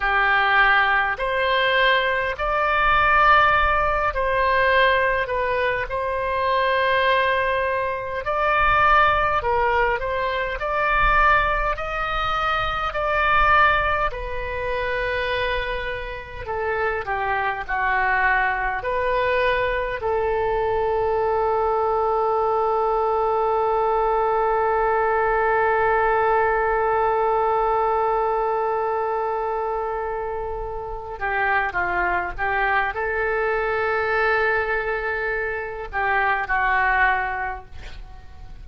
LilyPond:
\new Staff \with { instrumentName = "oboe" } { \time 4/4 \tempo 4 = 51 g'4 c''4 d''4. c''8~ | c''8 b'8 c''2 d''4 | ais'8 c''8 d''4 dis''4 d''4 | b'2 a'8 g'8 fis'4 |
b'4 a'2.~ | a'1~ | a'2~ a'8 g'8 f'8 g'8 | a'2~ a'8 g'8 fis'4 | }